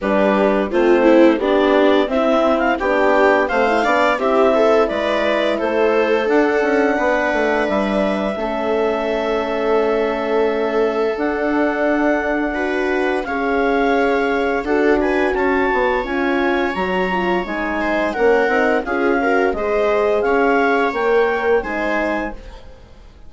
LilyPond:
<<
  \new Staff \with { instrumentName = "clarinet" } { \time 4/4 \tempo 4 = 86 b'4 c''4 d''4 e''8. f''16 | g''4 f''4 e''4 d''4 | c''4 fis''2 e''4~ | e''1 |
fis''2. f''4~ | f''4 fis''8 gis''8 a''4 gis''4 | ais''4 gis''4 fis''4 f''4 | dis''4 f''4 g''4 gis''4 | }
  \new Staff \with { instrumentName = "viola" } { \time 4/4 g'4 f'8 e'8 d'4 c'4 | g'4 c''8 d''8 g'8 a'8 b'4 | a'2 b'2 | a'1~ |
a'2 b'4 cis''4~ | cis''4 a'8 b'8 cis''2~ | cis''4. c''8 ais'4 gis'8 ais'8 | c''4 cis''2 c''4 | }
  \new Staff \with { instrumentName = "horn" } { \time 4/4 d'4 c'4 g'4 e'4 | d'4 c'16 e'16 d'8 e'2~ | e'4 d'2. | cis'1 |
d'2 fis'4 gis'4~ | gis'4 fis'2 f'4 | fis'8 f'8 dis'4 cis'8 dis'8 f'8 fis'8 | gis'2 ais'4 dis'4 | }
  \new Staff \with { instrumentName = "bassoon" } { \time 4/4 g4 a4 b4 c'4 | b4 a8 b8 c'4 gis4 | a4 d'8 cis'8 b8 a8 g4 | a1 |
d'2. cis'4~ | cis'4 d'4 cis'8 b8 cis'4 | fis4 gis4 ais8 c'8 cis'4 | gis4 cis'4 ais4 gis4 | }
>>